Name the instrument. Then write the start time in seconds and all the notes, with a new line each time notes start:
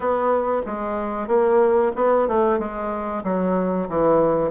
bassoon
0.00 B3
0.66 G#3
1.27 A#3
1.95 B3
2.28 A3
2.58 G#3
3.23 F#3
3.89 E3